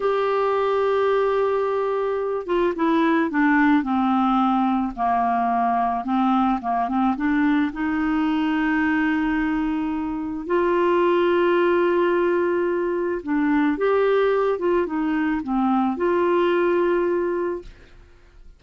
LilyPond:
\new Staff \with { instrumentName = "clarinet" } { \time 4/4 \tempo 4 = 109 g'1~ | g'8 f'8 e'4 d'4 c'4~ | c'4 ais2 c'4 | ais8 c'8 d'4 dis'2~ |
dis'2. f'4~ | f'1 | d'4 g'4. f'8 dis'4 | c'4 f'2. | }